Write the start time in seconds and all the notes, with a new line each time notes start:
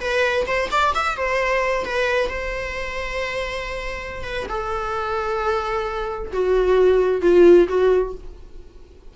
0.00 B4
0.46 C5
0.71 D5
0.94 E5
1.16 C5
1.85 B4
2.29 C5
4.23 B4
4.49 A4
6.32 F#4
7.22 F4
7.68 F#4